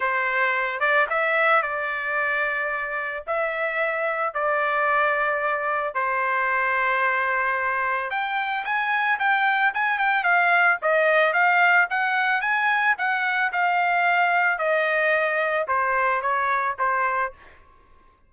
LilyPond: \new Staff \with { instrumentName = "trumpet" } { \time 4/4 \tempo 4 = 111 c''4. d''8 e''4 d''4~ | d''2 e''2 | d''2. c''4~ | c''2. g''4 |
gis''4 g''4 gis''8 g''8 f''4 | dis''4 f''4 fis''4 gis''4 | fis''4 f''2 dis''4~ | dis''4 c''4 cis''4 c''4 | }